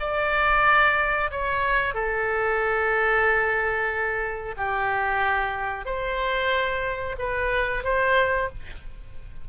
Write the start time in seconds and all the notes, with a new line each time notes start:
0.00 D5
1.31 C#5
1.94 A4
4.57 G4
5.85 C5
7.19 B4
7.84 C5